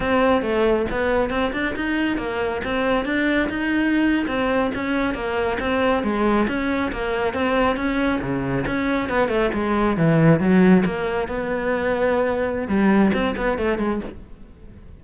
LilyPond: \new Staff \with { instrumentName = "cello" } { \time 4/4 \tempo 4 = 137 c'4 a4 b4 c'8 d'8 | dis'4 ais4 c'4 d'4 | dis'4.~ dis'16 c'4 cis'4 ais16~ | ais8. c'4 gis4 cis'4 ais16~ |
ais8. c'4 cis'4 cis4 cis'16~ | cis'8. b8 a8 gis4 e4 fis16~ | fis8. ais4 b2~ b16~ | b4 g4 c'8 b8 a8 gis8 | }